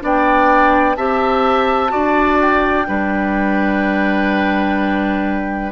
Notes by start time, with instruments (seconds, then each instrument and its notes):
0.00 bassoon B3, clarinet D4, oboe D5, flute G5
0.95 bassoon C4, clarinet G4, oboe E5, flute A5
1.88 bassoon D4, clarinet F#4, oboe D5
2.40 flute G5
2.86 bassoon G3, clarinet D4, oboe B4